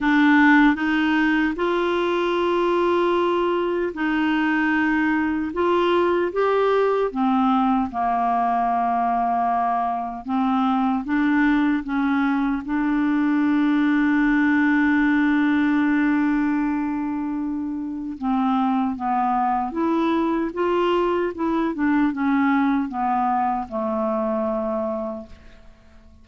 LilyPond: \new Staff \with { instrumentName = "clarinet" } { \time 4/4 \tempo 4 = 76 d'4 dis'4 f'2~ | f'4 dis'2 f'4 | g'4 c'4 ais2~ | ais4 c'4 d'4 cis'4 |
d'1~ | d'2. c'4 | b4 e'4 f'4 e'8 d'8 | cis'4 b4 a2 | }